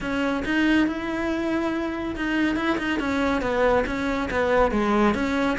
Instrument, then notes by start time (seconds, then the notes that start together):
cello
0.00 C#4
0.45 D#4
0.87 E4
2.15 D#4
2.56 E4
2.78 D#4
2.99 C#4
3.41 B3
3.86 C#4
4.30 B3
4.71 G#3
5.14 C#4